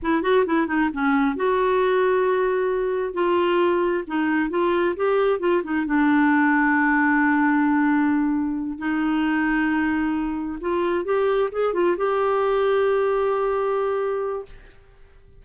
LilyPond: \new Staff \with { instrumentName = "clarinet" } { \time 4/4 \tempo 4 = 133 e'8 fis'8 e'8 dis'8 cis'4 fis'4~ | fis'2. f'4~ | f'4 dis'4 f'4 g'4 | f'8 dis'8 d'2.~ |
d'2.~ d'8 dis'8~ | dis'2.~ dis'8 f'8~ | f'8 g'4 gis'8 f'8 g'4.~ | g'1 | }